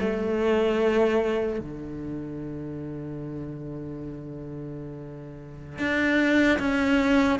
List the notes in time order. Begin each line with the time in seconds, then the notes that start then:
0.00 A3
1.60 D3
5.79 D4
6.59 C#4